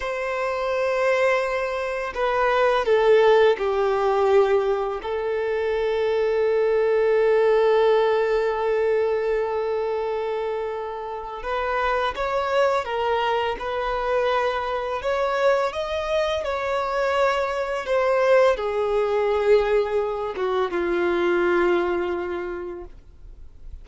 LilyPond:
\new Staff \with { instrumentName = "violin" } { \time 4/4 \tempo 4 = 84 c''2. b'4 | a'4 g'2 a'4~ | a'1~ | a'1 |
b'4 cis''4 ais'4 b'4~ | b'4 cis''4 dis''4 cis''4~ | cis''4 c''4 gis'2~ | gis'8 fis'8 f'2. | }